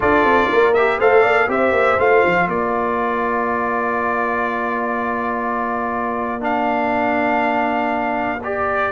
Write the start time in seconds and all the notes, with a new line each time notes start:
0.00 D4 F4 A4 D5
0.25 C4
0.49 A#3 A#4
0.74 G4 E5
0.98 A3 A4 C5 F5
1.21 A#3 D5
1.47 C4 G4 C5 E5
1.71 A#3
1.99 A3 F4 F5
2.25 F3
2.47 A#3 A#4 D5
6.40 D4 F5
8.43 G4 D5